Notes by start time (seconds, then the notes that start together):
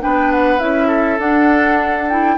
0.00 B3 D4 B4 G5
0.31 F#5
0.59 C#4 E4 E5
0.87 A4
1.19 D4 F#5
2.09 E4 G5